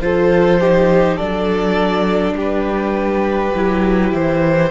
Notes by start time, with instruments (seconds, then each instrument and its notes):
0.00 cello F3, viola F4, violin A4 C5
0.61 viola D#4, violin G4
1.17 cello F#3, viola D4, violin A4 D5
2.33 cello G3, violin G4
2.41 violin B4
3.55 cello F#3, viola E4
4.13 cello E3, violin C5